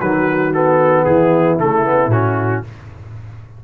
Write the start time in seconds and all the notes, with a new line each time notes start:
0.00 D#3 F#3 F#4 B4
0.53 B3 A4
1.04 E3 E4 G#4
1.58 C#3 A3 A4
1.84 B3
2.07 A2 C#4 F#4